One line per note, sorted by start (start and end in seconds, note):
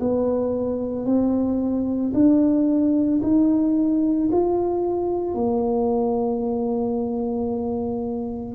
0.00 1.05 B3
1.05 2.12 C4
2.14 3.21 D4
3.23 4.30 D#4
4.31 5.34 F4
5.34 8.55 A#3